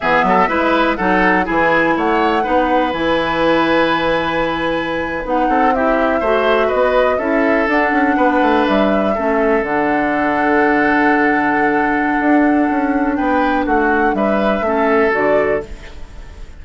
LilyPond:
<<
  \new Staff \with { instrumentName = "flute" } { \time 4/4 \tempo 4 = 123 e''2 fis''4 gis''4 | fis''2 gis''2~ | gis''2~ gis''8. fis''4 e''16~ | e''4.~ e''16 dis''4 e''4 fis''16~ |
fis''4.~ fis''16 e''2 fis''16~ | fis''1~ | fis''2. g''4 | fis''4 e''2 d''4 | }
  \new Staff \with { instrumentName = "oboe" } { \time 4/4 gis'8 a'8 b'4 a'4 gis'4 | cis''4 b'2.~ | b'2.~ b'16 a'8 g'16~ | g'8. c''4 b'4 a'4~ a'16~ |
a'8. b'2 a'4~ a'16~ | a'1~ | a'2. b'4 | fis'4 b'4 a'2 | }
  \new Staff \with { instrumentName = "clarinet" } { \time 4/4 b4 e'4 dis'4 e'4~ | e'4 dis'4 e'2~ | e'2~ e'8. dis'4 e'16~ | e'8. fis'2 e'4 d'16~ |
d'2~ d'8. cis'4 d'16~ | d'1~ | d'1~ | d'2 cis'4 fis'4 | }
  \new Staff \with { instrumentName = "bassoon" } { \time 4/4 e8 fis8 gis4 fis4 e4 | a4 b4 e2~ | e2~ e8. b8 c'8.~ | c'8. a4 b4 cis'4 d'16~ |
d'16 cis'8 b8 a8 g4 a4 d16~ | d1~ | d4 d'4 cis'4 b4 | a4 g4 a4 d4 | }
>>